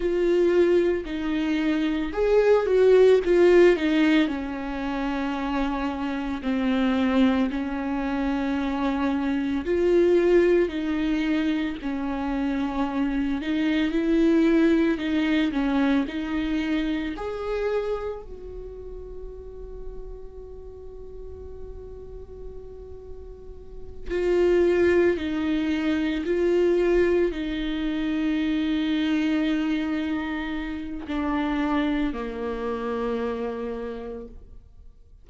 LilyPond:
\new Staff \with { instrumentName = "viola" } { \time 4/4 \tempo 4 = 56 f'4 dis'4 gis'8 fis'8 f'8 dis'8 | cis'2 c'4 cis'4~ | cis'4 f'4 dis'4 cis'4~ | cis'8 dis'8 e'4 dis'8 cis'8 dis'4 |
gis'4 fis'2.~ | fis'2~ fis'8 f'4 dis'8~ | dis'8 f'4 dis'2~ dis'8~ | dis'4 d'4 ais2 | }